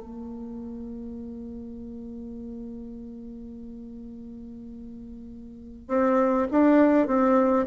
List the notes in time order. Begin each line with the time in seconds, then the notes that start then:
0.00 A#3
5.89 C4
6.52 D4
7.08 C4